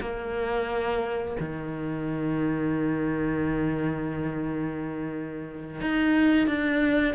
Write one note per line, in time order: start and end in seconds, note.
0.00 1.36 A#3
1.39 5.80 D#3
5.80 6.46 D#4
6.46 7.14 D4